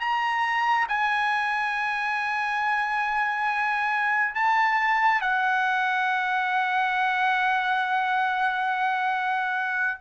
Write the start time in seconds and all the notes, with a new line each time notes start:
0.00 A#5
0.88 G#5
4.35 A5
5.21 F#5